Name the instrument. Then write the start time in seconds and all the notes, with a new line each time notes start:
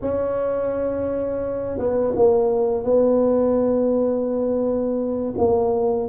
tuba
0.01 C#4
1.78 B3
2.15 A#3
2.83 B3
5.37 A#3